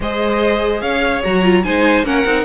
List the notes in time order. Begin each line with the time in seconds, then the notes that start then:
0.00 G#3 G#4 C5 D#5
0.81 C#4 C#5 F5
1.23 F#3 F#4 A#5
1.42 F4
1.63 G#3 D#4 C5 G#5
2.03 A#3 C#4 A#4 F#5
2.25 C4 D#4